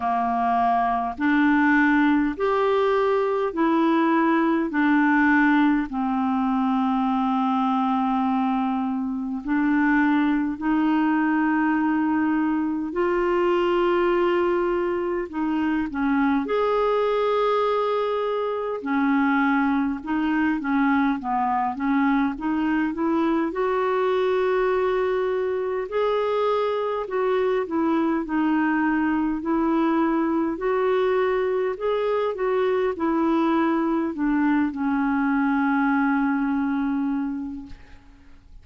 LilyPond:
\new Staff \with { instrumentName = "clarinet" } { \time 4/4 \tempo 4 = 51 ais4 d'4 g'4 e'4 | d'4 c'2. | d'4 dis'2 f'4~ | f'4 dis'8 cis'8 gis'2 |
cis'4 dis'8 cis'8 b8 cis'8 dis'8 e'8 | fis'2 gis'4 fis'8 e'8 | dis'4 e'4 fis'4 gis'8 fis'8 | e'4 d'8 cis'2~ cis'8 | }